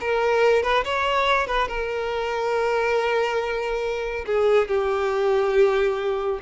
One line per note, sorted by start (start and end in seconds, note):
0.00 0.62 A#4
0.62 0.84 B4
0.84 1.46 C#5
1.46 1.68 B4
1.68 4.25 A#4
4.26 4.68 G#4
4.68 6.39 G4